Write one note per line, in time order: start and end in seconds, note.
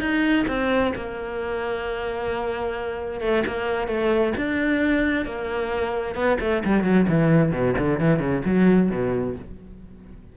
0.00 0.45 D#4
0.48 0.93 C4
0.96 3.21 A#3
3.21 3.43 A3
3.47 3.88 A#3
3.88 4.33 A3
4.37 5.25 D4
5.25 6.15 A#3
6.15 6.38 B3
6.40 6.63 A3
6.65 6.84 G3
6.84 7.06 F#3
7.08 7.52 E3
7.52 7.75 B2
7.78 8.00 D3
8.00 8.19 E3
8.19 8.42 C#3
8.45 8.90 F#3
8.90 9.35 B2